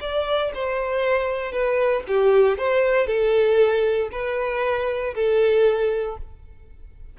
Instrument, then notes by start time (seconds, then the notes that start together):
violin
0.00 D5
0.54 C5
1.52 B4
2.07 G4
2.58 C5
3.07 A4
4.11 B4
5.15 A4